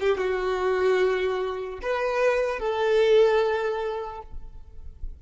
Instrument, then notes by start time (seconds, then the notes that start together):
violin
0.00 G4
0.18 F#4
1.82 B4
2.59 A4